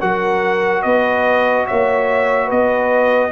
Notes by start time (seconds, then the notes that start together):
0.00 F#3 F#4 A#4 F#5
0.83 B3 B4 D#5
1.67 A#3 C#5 E5
2.46 B3 B4 D#5